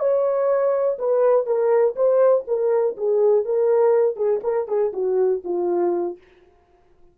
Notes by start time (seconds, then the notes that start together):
0.00 C#5
0.99 B4
1.47 A#4
1.96 C5
2.48 A#4
2.97 G#4
3.45 A#4
4.16 G#4
4.44 A#4
4.68 G#4
4.93 F#4
5.45 F4